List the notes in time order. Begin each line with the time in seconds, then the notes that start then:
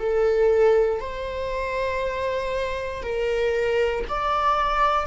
0.00 A4
1.00 C5
3.04 A#4
4.09 D5